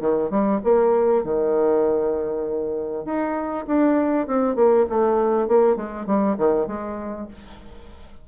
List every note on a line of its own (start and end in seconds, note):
0.00 0.30 D#3
0.30 0.60 G3
0.63 1.23 A#3
1.23 3.04 D#3
3.04 3.65 D#4
3.67 4.26 D4
4.26 4.55 C4
4.55 4.85 A#3
4.89 5.47 A3
5.47 5.76 A#3
5.76 6.06 G#3
6.06 6.36 G3
6.37 6.67 D#3
6.67 7.27 G#3